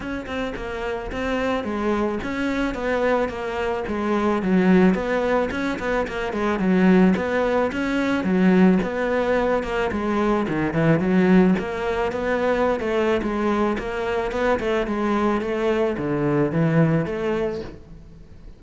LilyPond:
\new Staff \with { instrumentName = "cello" } { \time 4/4 \tempo 4 = 109 cis'8 c'8 ais4 c'4 gis4 | cis'4 b4 ais4 gis4 | fis4 b4 cis'8 b8 ais8 gis8 | fis4 b4 cis'4 fis4 |
b4. ais8 gis4 dis8 e8 | fis4 ais4 b4~ b16 a8. | gis4 ais4 b8 a8 gis4 | a4 d4 e4 a4 | }